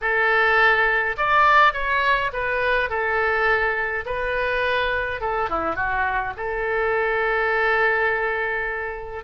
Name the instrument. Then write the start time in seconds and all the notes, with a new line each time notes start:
oboe
0.01 A4
1.17 D5
1.73 C#5
2.33 B4
2.89 A4
4.05 B4
5.21 A4
5.49 E4
5.75 F#4
6.36 A4